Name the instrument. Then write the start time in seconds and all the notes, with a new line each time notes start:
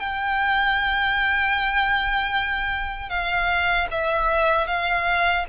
violin
0.00 G5
3.10 F5
3.91 E5
4.68 F5